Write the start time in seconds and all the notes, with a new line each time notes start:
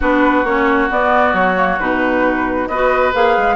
0.00 B3 D4 F#4 B4
0.44 A#3 C#4 C#5
0.89 B3 D5
1.33 F#3 C#5
1.56 A#3
1.79 B2 D#4 B4
2.67 B3 F#4 B4 D#5
3.13 A#3 G#4 F5
3.37 G#3